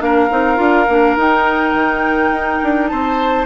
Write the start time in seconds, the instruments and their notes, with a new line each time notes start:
0.00 bassoon A#3, clarinet D4, oboe A#4, flute F5
0.30 bassoon C4, clarinet D#4
0.57 bassoon D4, clarinet F4
0.89 bassoon A#3, clarinet D4
1.17 bassoon D#4, clarinet D#4, flute G5
1.74 bassoon D#3
2.31 bassoon D#4
2.63 bassoon D4
2.88 bassoon C4, oboe C5, flute A5